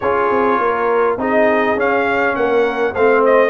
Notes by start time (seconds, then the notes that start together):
0.00 C#4 F4 G#4 C#5
0.30 C4
0.58 A#3 A#4
1.17 C4 D#4 G#4 D#5
1.76 C#4 F5
2.35 A#3 A#4 F#5
2.93 A3 C4 C5 F5
3.25 D#5